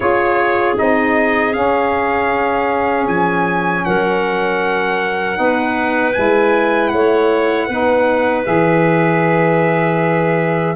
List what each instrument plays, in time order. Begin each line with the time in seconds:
0.00 tuba C#4, saxophone F4, clarinet G#4, trumpet C#5
0.75 tuba C4, saxophone D#4, trumpet D#5
1.53 saxophone C#4, tuba C#4, trumpet F5
3.07 tuba F3, trumpet G#5
3.84 tuba F#3, clarinet A#4, trumpet F#5
5.35 tuba B3, saxophone D#4, clarinet B4
6.13 tuba G#3, saxophone E4, trumpet G#5
6.88 tuba A3, clarinet C#5, trumpet F#5
7.66 tuba B3, saxophone D#4, clarinet B4
8.44 tuba E3, saxophone G#4, trumpet E5